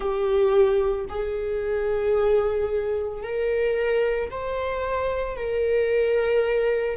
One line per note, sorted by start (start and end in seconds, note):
0.00 1.05 G4
1.08 3.22 G#4
3.22 4.30 A#4
4.30 5.36 C5
5.36 6.96 A#4